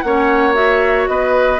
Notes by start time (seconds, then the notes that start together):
0.00 A#3 C#4 C#5 F#5
0.53 F#4 E5
1.07 B3 B4 D#5